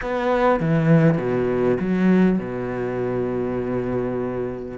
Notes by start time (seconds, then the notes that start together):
0.01 B3
0.60 E3
1.17 B2
1.79 F#3
2.38 B2